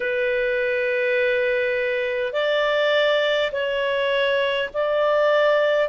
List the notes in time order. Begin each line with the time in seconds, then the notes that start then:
0.00 B4
2.33 D5
3.52 C#5
4.73 D5